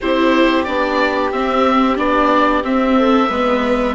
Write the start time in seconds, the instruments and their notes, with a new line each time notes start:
0.01 bassoon C4, viola E4, violin G4, oboe C5
0.64 bassoon B3, viola D4, oboe D5
1.31 bassoon C4, viola C4, oboe E5
1.96 bassoon B3, viola D4, oboe D5
2.63 bassoon C4, viola C4, oboe E5
2.98 violin A4
3.28 bassoon G#3, viola B3, violin B4